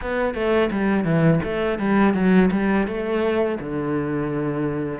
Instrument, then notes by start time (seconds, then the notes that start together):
cello
0.01 B3
0.34 A3
0.71 G3
1.04 E3
1.43 A3
1.79 G3
2.14 F#3
2.51 G3
2.87 A3
3.59 D3